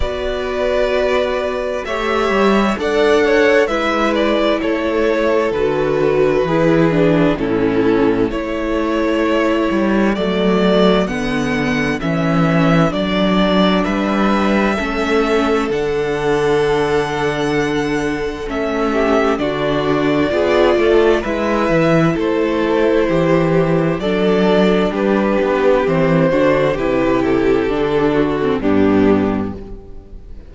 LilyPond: <<
  \new Staff \with { instrumentName = "violin" } { \time 4/4 \tempo 4 = 65 d''2 e''4 fis''4 | e''8 d''8 cis''4 b'2 | a'4 cis''2 d''4 | fis''4 e''4 d''4 e''4~ |
e''4 fis''2. | e''4 d''2 e''4 | c''2 d''4 b'4 | c''4 b'8 a'4. g'4 | }
  \new Staff \with { instrumentName = "violin" } { \time 4/4 b'2 cis''4 d''8 cis''8 | b'4 a'2 gis'4 | e'4 a'2.~ | a'2. b'4 |
a'1~ | a'8 g'8 fis'4 gis'8 a'8 b'4 | a'4 g'4 a'4 g'4~ | g'8 fis'8 g'4. fis'8 d'4 | }
  \new Staff \with { instrumentName = "viola" } { \time 4/4 fis'2 g'4 a'4 | e'2 fis'4 e'8 d'8 | cis'4 e'2 a4 | b4 cis'4 d'2 |
cis'4 d'2. | cis'4 d'4 f'4 e'4~ | e'2 d'2 | c'8 d'8 e'4 d'8. c'16 b4 | }
  \new Staff \with { instrumentName = "cello" } { \time 4/4 b2 a8 g8 d'4 | gis4 a4 d4 e4 | a,4 a4. g8 fis4 | d4 e4 fis4 g4 |
a4 d2. | a4 d4 b8 a8 gis8 e8 | a4 e4 fis4 g8 b8 | e8 d8 c4 d4 g,4 | }
>>